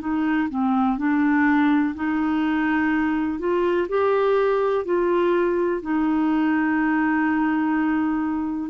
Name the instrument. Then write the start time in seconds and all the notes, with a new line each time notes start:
clarinet
0.00 D#4
0.49 C4
0.98 D4
1.95 D#4
3.39 F4
3.88 G4
4.85 F4
5.82 D#4